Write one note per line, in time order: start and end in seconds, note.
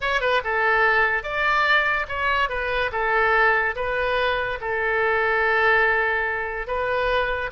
0.01 0.20 C#5
0.20 0.41 B4
0.44 1.23 A4
1.23 2.06 D5
2.08 2.49 C#5
2.49 2.90 B4
2.92 3.75 A4
3.75 4.58 B4
4.60 6.67 A4
6.67 7.50 B4